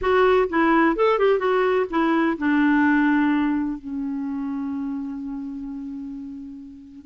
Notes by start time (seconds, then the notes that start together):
0.01 F#4
0.49 E4
0.96 A4
1.18 G4
1.38 F#4
1.90 E4
2.38 D4
3.78 C#4